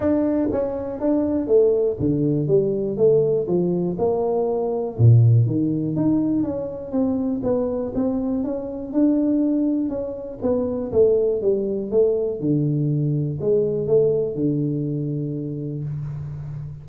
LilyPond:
\new Staff \with { instrumentName = "tuba" } { \time 4/4 \tempo 4 = 121 d'4 cis'4 d'4 a4 | d4 g4 a4 f4 | ais2 ais,4 dis4 | dis'4 cis'4 c'4 b4 |
c'4 cis'4 d'2 | cis'4 b4 a4 g4 | a4 d2 gis4 | a4 d2. | }